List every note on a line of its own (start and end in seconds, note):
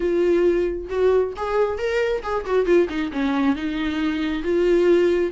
0.00 0.88 F4
0.89 1.33 F#4
1.36 1.78 G#4
1.78 2.22 A#4
2.22 2.45 G#4
2.45 2.65 F#4
2.65 2.87 F4
2.89 3.11 D#4
3.12 3.55 C#4
3.55 4.42 D#4
4.42 5.31 F4